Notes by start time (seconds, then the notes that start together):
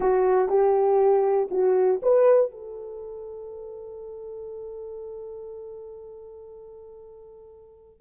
0.00 F#4
0.48 G4
1.50 F#4
2.02 B4
2.51 A4